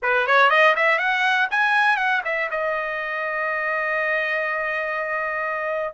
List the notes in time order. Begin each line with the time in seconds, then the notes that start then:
0.02 B4
0.26 C#5
0.50 D#5
0.76 E5
0.98 F#5
1.50 G#5
1.97 F#5
2.24 E5
2.50 D#5